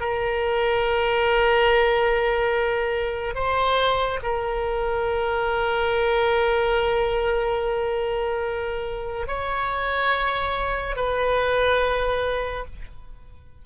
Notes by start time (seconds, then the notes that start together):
0.00 A#4
3.35 C5
4.23 A#4
9.27 C#5
10.96 B4